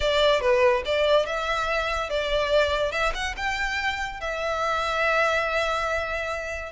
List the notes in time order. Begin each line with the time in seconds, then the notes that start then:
0.00 D5
0.41 B4
0.85 D5
1.26 E5
2.09 D5
2.91 E5
3.14 F#5
3.36 G5
4.20 E5